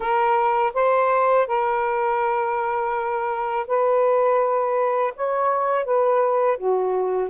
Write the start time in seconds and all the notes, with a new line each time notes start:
0.00 A#4
0.74 C5
1.47 A#4
3.67 B4
5.16 C#5
5.84 B4
6.57 F#4